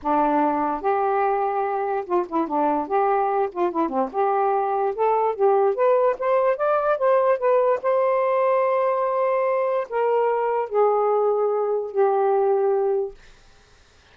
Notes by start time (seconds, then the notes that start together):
0.02 D4
0.81 G4
2.05 F4
2.28 E4
2.47 D4
2.87 G4
3.52 F4
3.71 E4
3.89 C4
4.12 G4
4.95 A4
5.35 G4
5.74 B4
6.18 C5
6.57 D5
6.98 C5
7.38 B4
7.82 C5
9.89 A#4
10.69 G#4
11.91 G4